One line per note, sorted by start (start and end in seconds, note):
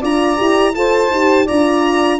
0.00 0.38 D4
0.00 0.37 F4
0.00 0.72 D5
0.00 0.75 A#5
0.37 0.76 E4
0.37 0.73 G4
0.75 1.10 F4
0.75 1.11 A4
0.75 1.45 C5
0.75 1.47 A5
1.10 1.46 D#4
1.10 1.48 G4
1.45 2.20 D4
1.45 2.20 F4
1.45 2.17 D5
1.45 2.20 A#5